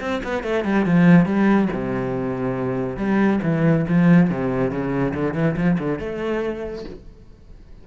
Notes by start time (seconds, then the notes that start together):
0.00 C4
0.23 B3
0.43 A3
0.64 G3
0.85 F3
1.25 G3
1.72 C3
2.96 G3
3.42 E3
3.88 F3
4.30 C3
4.70 C#3
5.14 D3
5.34 E3
5.56 F3
5.78 D3
5.99 A3